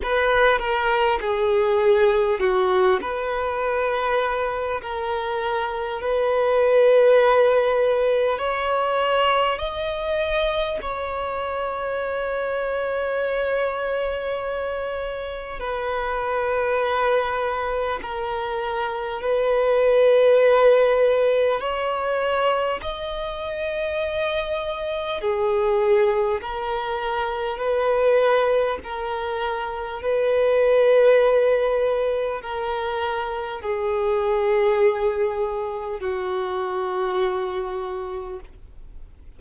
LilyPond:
\new Staff \with { instrumentName = "violin" } { \time 4/4 \tempo 4 = 50 b'8 ais'8 gis'4 fis'8 b'4. | ais'4 b'2 cis''4 | dis''4 cis''2.~ | cis''4 b'2 ais'4 |
b'2 cis''4 dis''4~ | dis''4 gis'4 ais'4 b'4 | ais'4 b'2 ais'4 | gis'2 fis'2 | }